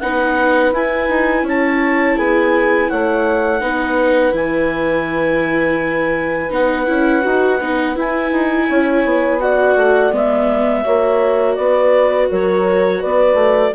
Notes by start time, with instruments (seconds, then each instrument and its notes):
0.00 bassoon B3, viola D#4, horn B4, clarinet F#5
0.72 bassoon E4, viola E4, clarinet G#5
1.09 bassoon D#4
1.43 bassoon C#4, horn C#5, clarinet A5
2.16 bassoon B3, horn G#4, clarinet G#5
2.89 bassoon A3, horn C#5, clarinet F#5
3.60 bassoon B3, viola D#4, horn B4
4.32 bassoon E3, viola E4, clarinet G#5
6.50 bassoon B3, viola D#4, clarinet F#5
6.86 bassoon C#4, viola E4
7.22 bassoon D#4, viola F#4
7.60 bassoon B3, viola D#4
7.95 viola E4, bassoon E4, clarinet G#5
8.32 bassoon D#4
8.69 bassoon C#4, horn C#5
9.04 bassoon B3
9.39 viola F#4, horn D5, clarinet F#5
9.76 bassoon A3
10.12 bassoon G#3, viola B3, clarinet E5
10.83 bassoon A#3, viola F#4, horn C#5
11.55 bassoon B3, horn B4, clarinet D5
12.30 bassoon F#3, horn A#4, clarinet C#5
12.99 bassoon B3, horn B4, clarinet D5
13.34 bassoon A3